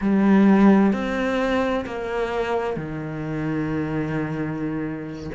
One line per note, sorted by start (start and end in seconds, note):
0.01 0.92 G3
0.92 1.85 C4
1.85 2.76 A#3
2.76 5.30 D#3